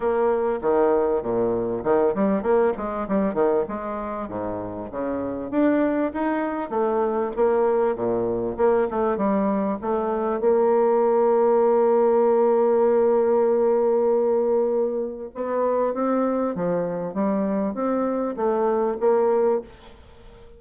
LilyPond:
\new Staff \with { instrumentName = "bassoon" } { \time 4/4 \tempo 4 = 98 ais4 dis4 ais,4 dis8 g8 | ais8 gis8 g8 dis8 gis4 gis,4 | cis4 d'4 dis'4 a4 | ais4 ais,4 ais8 a8 g4 |
a4 ais2.~ | ais1~ | ais4 b4 c'4 f4 | g4 c'4 a4 ais4 | }